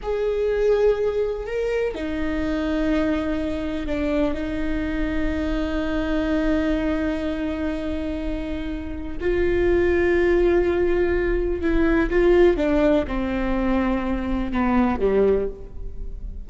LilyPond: \new Staff \with { instrumentName = "viola" } { \time 4/4 \tempo 4 = 124 gis'2. ais'4 | dis'1 | d'4 dis'2.~ | dis'1~ |
dis'2. f'4~ | f'1 | e'4 f'4 d'4 c'4~ | c'2 b4 g4 | }